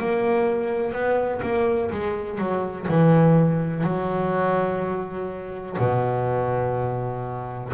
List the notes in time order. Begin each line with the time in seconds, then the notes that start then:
0.00 A#3
0.93 B3
1.43 A#3
1.91 G#3
2.39 F#3
2.88 E3
3.84 F#3
5.79 B2